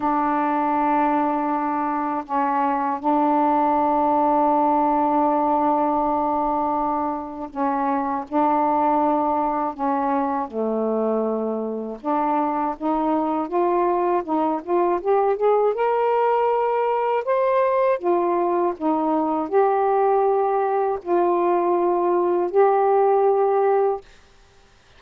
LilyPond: \new Staff \with { instrumentName = "saxophone" } { \time 4/4 \tempo 4 = 80 d'2. cis'4 | d'1~ | d'2 cis'4 d'4~ | d'4 cis'4 a2 |
d'4 dis'4 f'4 dis'8 f'8 | g'8 gis'8 ais'2 c''4 | f'4 dis'4 g'2 | f'2 g'2 | }